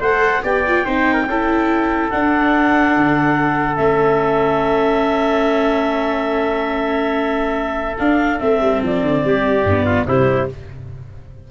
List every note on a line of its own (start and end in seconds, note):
0.00 0.42 A3
0.00 0.43 A4
0.00 0.42 C5
0.00 0.44 F#5
0.43 0.85 B3
0.43 0.64 G4
0.43 0.85 D5
0.43 2.10 G5
0.67 0.85 F4
0.85 1.26 C4
0.85 1.27 D#4
0.85 1.13 C5
1.13 1.24 A#4
1.26 2.10 C#4
1.26 2.11 E4
1.26 9.27 A4
2.10 3.76 D4
2.10 2.96 D4
2.10 3.76 F#5
2.96 3.78 D3
3.76 7.97 A3
3.76 7.96 C#4
3.76 7.96 E5
7.98 8.41 D4
7.98 8.39 D4
7.98 8.39 F5
8.39 8.60 A3
8.39 9.65 C4
8.39 8.81 E5
8.60 8.81 G3
8.82 9.01 F3
8.82 10.07 D5
9.01 9.22 D3
9.24 9.64 G3
9.24 9.85 G4
9.64 10.06 G2
9.64 10.08 B3
9.85 10.06 F4
10.07 10.49 C3
10.07 10.50 G3
10.07 10.50 E4
10.07 10.49 C5